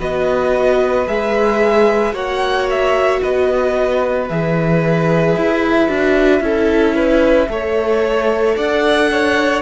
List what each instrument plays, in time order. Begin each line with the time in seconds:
0.00 cello B3, viola F#4, violin B4 D#5
1.08 cello G#3, viola G#4, violin E5
2.13 cello A#3, viola F#4, violin C#5 F#5
2.71 violin E5
3.22 cello B3, violin B4 D#5
4.29 cello E3, viola G#4, violin E5
5.37 cello E4
5.88 cello D4, viola F#4
6.41 cello C#4, viola E4, violin A4
6.96 violin B4
7.50 cello A3, viola A4, violin C#5
8.57 cello D4, violin D5 F#5
9.12 violin C#5